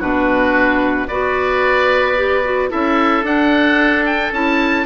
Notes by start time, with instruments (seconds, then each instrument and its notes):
0.00 bassoon B2, clarinet D4, oboe F#4 B4
1.07 bassoon B3, clarinet F#4, oboe B4 D5
2.17 clarinet G4
2.44 clarinet F#4
2.69 bassoon C#4, clarinet E4, oboe A4 E5
3.23 bassoon D4, clarinet D4, oboe F#5
4.06 oboe G5
4.32 bassoon C#4, clarinet E4, oboe A5